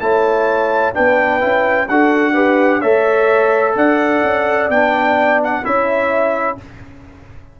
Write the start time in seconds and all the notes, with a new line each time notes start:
0.00 A3 E4 C#5 A5
0.94 B3 D4 B4 G5
1.40 C#4 E4
1.88 D4 F#4 A4 F#5
2.33 G4 B4
2.80 A3 A4 C#5 E5
3.75 D4 D5 F#5
4.23 C#4
4.69 B3 D4 G5
5.44 F#5
5.63 C#4 E4 C#5 E5